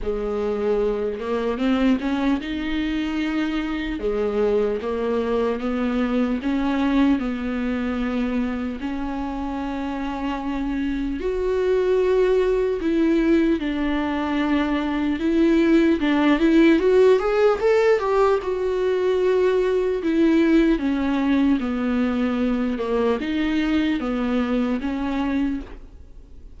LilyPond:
\new Staff \with { instrumentName = "viola" } { \time 4/4 \tempo 4 = 75 gis4. ais8 c'8 cis'8 dis'4~ | dis'4 gis4 ais4 b4 | cis'4 b2 cis'4~ | cis'2 fis'2 |
e'4 d'2 e'4 | d'8 e'8 fis'8 gis'8 a'8 g'8 fis'4~ | fis'4 e'4 cis'4 b4~ | b8 ais8 dis'4 b4 cis'4 | }